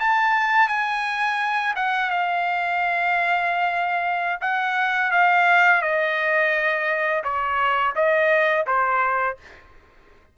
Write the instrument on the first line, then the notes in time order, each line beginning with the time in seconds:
trumpet
0.00 A5
0.68 G#5
1.76 F#5
2.10 F5
4.41 F#5
5.11 F5
5.82 D#5
7.24 C#5
7.95 D#5
8.67 C5